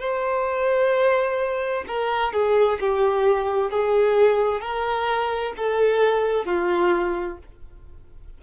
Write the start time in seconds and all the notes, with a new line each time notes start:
0.00 C5
1.88 A#4
2.33 G#4
2.81 G4
3.71 G#4
4.62 A#4
5.57 A4
6.46 F4